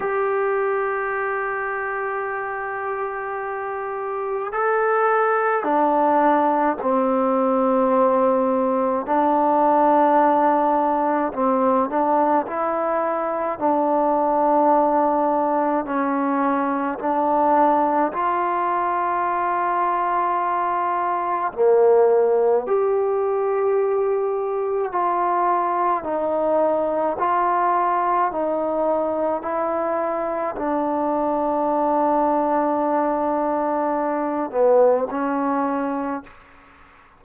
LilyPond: \new Staff \with { instrumentName = "trombone" } { \time 4/4 \tempo 4 = 53 g'1 | a'4 d'4 c'2 | d'2 c'8 d'8 e'4 | d'2 cis'4 d'4 |
f'2. ais4 | g'2 f'4 dis'4 | f'4 dis'4 e'4 d'4~ | d'2~ d'8 b8 cis'4 | }